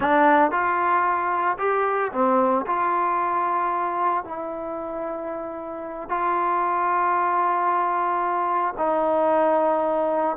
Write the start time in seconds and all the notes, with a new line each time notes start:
0.00 D4
0.51 F4
1.58 G4
2.12 C4
2.66 F4
4.24 E4
6.09 F4
8.77 D#4